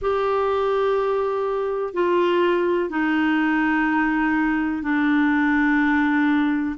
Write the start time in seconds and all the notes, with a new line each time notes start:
0.01 G4
1.93 F4
2.89 D#4
4.82 D4